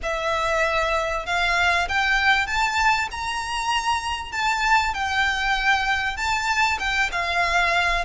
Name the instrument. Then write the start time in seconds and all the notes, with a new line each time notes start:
violin
0.02 E5
1.26 F5
1.88 G5
2.46 A5
3.11 A#5
4.32 A5
4.94 G5
6.16 A5
6.79 G5
7.11 F5